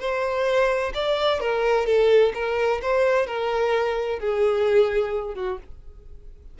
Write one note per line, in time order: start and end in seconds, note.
0.00 0.93 C5
0.95 1.40 D5
1.40 1.86 A#4
1.86 2.33 A4
2.35 2.81 A#4
2.82 3.27 C5
3.27 4.19 A#4
4.19 5.35 G#4
5.35 5.58 F#4